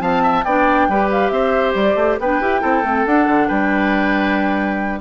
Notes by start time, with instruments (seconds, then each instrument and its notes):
0.00 bassoon F3, clarinet C4, oboe F5, flute A5
0.23 oboe E5
0.44 bassoon B3, clarinet D4, oboe D5, flute G5
0.88 bassoon G3, clarinet G4, oboe B4
1.11 flute F5
1.29 bassoon C4, oboe C5, flute E5
1.74 bassoon G3, flute D5
1.95 bassoon A3
2.19 bassoon B3, clarinet D4, oboe B4, flute G5
2.41 bassoon E4, clarinet G4
2.61 bassoon C4, clarinet E4, oboe A4
2.83 bassoon A3, clarinet C4
3.06 clarinet D4, bassoon D4, flute F#5
3.27 bassoon D3
3.47 bassoon G3, oboe B4, flute G5